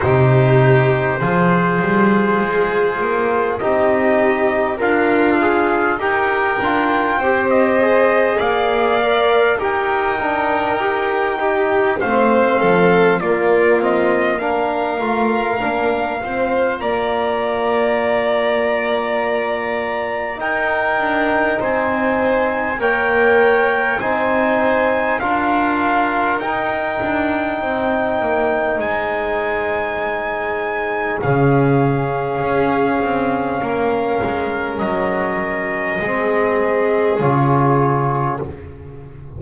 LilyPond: <<
  \new Staff \with { instrumentName = "trumpet" } { \time 4/4 \tempo 4 = 50 c''2. dis''4 | f''4 g''4~ g''16 dis''8. f''4 | g''2 f''4 d''8 dis''8 | f''2 ais''2~ |
ais''4 g''4 gis''4 g''4 | gis''4 f''4 g''2 | gis''2 f''2~ | f''4 dis''2 cis''4 | }
  \new Staff \with { instrumentName = "violin" } { \time 4/4 g'4 gis'2 g'4 | f'4 ais'4 c''4 d''4 | ais'4. g'8 c''8 a'8 f'4 | ais'4. c''8 d''2~ |
d''4 ais'4 c''4 cis''4 | c''4 ais'2 c''4~ | c''2 gis'2 | ais'2 gis'2 | }
  \new Staff \with { instrumentName = "trombone" } { \time 4/4 dis'4 f'2 dis'4 | ais'8 gis'8 g'8 f'8 g'8 gis'4 ais'8 | g'8 d'8 g'8 dis'8 c'4 ais8 c'8 | d'8 f'8 d'8 f'2~ f'8~ |
f'4 dis'2 ais'4 | dis'4 f'4 dis'2~ | dis'2 cis'2~ | cis'2 c'4 f'4 | }
  \new Staff \with { instrumentName = "double bass" } { \time 4/4 c4 f8 g8 gis8 ais8 c'4 | d'4 dis'8 d'8 c'4 ais4 | dis'2 a8 f8 ais4~ | ais8 a8 ais8 c'8 ais2~ |
ais4 dis'8 d'8 c'4 ais4 | c'4 d'4 dis'8 d'8 c'8 ais8 | gis2 cis4 cis'8 c'8 | ais8 gis8 fis4 gis4 cis4 | }
>>